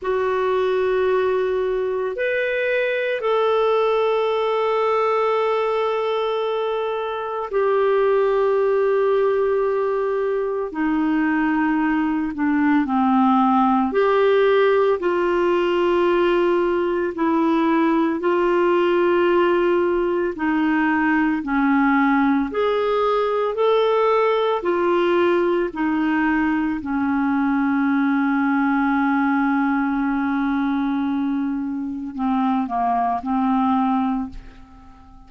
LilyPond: \new Staff \with { instrumentName = "clarinet" } { \time 4/4 \tempo 4 = 56 fis'2 b'4 a'4~ | a'2. g'4~ | g'2 dis'4. d'8 | c'4 g'4 f'2 |
e'4 f'2 dis'4 | cis'4 gis'4 a'4 f'4 | dis'4 cis'2.~ | cis'2 c'8 ais8 c'4 | }